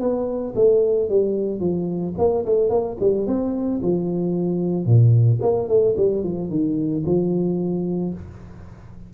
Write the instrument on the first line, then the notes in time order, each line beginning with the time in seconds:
tuba
0.00 B3
0.55 A3
1.09 G3
1.60 F3
2.18 A#3
2.46 A3
2.70 A#3
3.00 G3
3.27 C4
3.83 F3
4.86 A#2
5.42 A#3
5.68 A3
5.97 G3
6.24 F3
6.50 D#3
7.06 F3